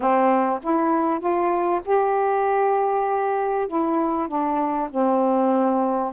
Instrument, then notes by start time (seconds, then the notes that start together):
saxophone
0.00 C4
0.62 E4
1.19 F4
1.85 G4
3.67 E4
4.28 D4
4.90 C4